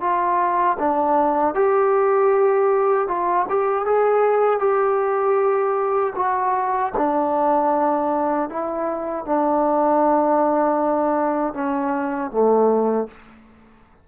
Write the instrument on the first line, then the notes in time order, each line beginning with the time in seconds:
trombone
0.00 F4
0.79 D4
1.55 G4
3.07 F4
3.49 G4
3.85 G#4
4.59 G4
6.15 F#4
6.97 D4
8.49 E4
9.25 D4
11.54 C#4
12.31 A3